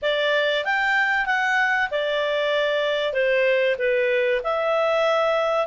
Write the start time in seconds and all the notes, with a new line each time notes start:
0.01 D5
0.64 G5
1.25 F#5
1.90 D5
3.13 C5
3.78 B4
4.43 E5